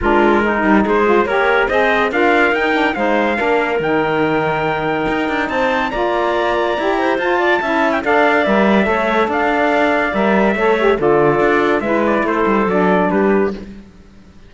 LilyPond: <<
  \new Staff \with { instrumentName = "trumpet" } { \time 4/4 \tempo 4 = 142 ais'2 c''4 ais'4 | dis''4 f''4 g''4 f''4~ | f''4 g''2.~ | g''4 a''4 ais''2~ |
ais''4 a''4.~ a''16 g''16 f''4 | e''2 f''2 | e''2 d''2 | e''8 d''8 c''4 d''4 b'4 | }
  \new Staff \with { instrumentName = "clarinet" } { \time 4/4 f'4 dis'4 gis'4 cis''4 | c''4 ais'2 c''4 | ais'1~ | ais'4 c''4 d''2~ |
d''8 c''4 d''8 e''4 d''4~ | d''4 cis''4 d''2~ | d''4 cis''4 a'2 | b'4 a'2 g'4 | }
  \new Staff \with { instrumentName = "saxophone" } { \time 4/4 d'4 dis'4. f'8 g'4 | gis'4 f'4 dis'8 d'8 dis'4 | d'4 dis'2.~ | dis'2 f'2 |
g'4 f'4 e'4 a'4 | ais'4 a'2. | ais'4 a'8 g'8 f'2 | e'2 d'2 | }
  \new Staff \with { instrumentName = "cello" } { \time 4/4 gis4. g8 gis4 ais4 | c'4 d'4 dis'4 gis4 | ais4 dis2. | dis'8 d'8 c'4 ais2 |
e'4 f'4 cis'4 d'4 | g4 a4 d'2 | g4 a4 d4 d'4 | gis4 a8 g8 fis4 g4 | }
>>